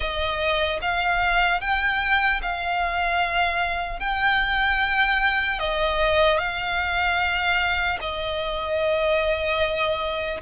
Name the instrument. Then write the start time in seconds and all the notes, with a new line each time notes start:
violin
0.00 D#5
0.81 F5
1.60 G5
2.41 F5
3.99 G5
5.59 D#5
6.38 F5
8.00 D#5